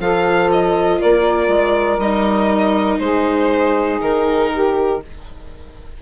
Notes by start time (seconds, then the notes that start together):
0.00 F3 F4 A4 F5
0.51 D#5
1.00 A#3 A#4 D5
1.48 G#3
1.99 G3 D#4 D#5
3.00 G#3 G#4 C5
4.01 D#3 A#4
4.52 G4